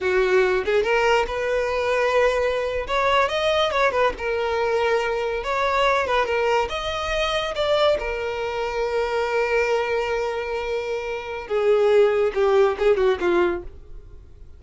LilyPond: \new Staff \with { instrumentName = "violin" } { \time 4/4 \tempo 4 = 141 fis'4. gis'8 ais'4 b'4~ | b'2~ b'8. cis''4 dis''16~ | dis''8. cis''8 b'8 ais'2~ ais'16~ | ais'8. cis''4. b'8 ais'4 dis''16~ |
dis''4.~ dis''16 d''4 ais'4~ ais'16~ | ais'1~ | ais'2. gis'4~ | gis'4 g'4 gis'8 fis'8 f'4 | }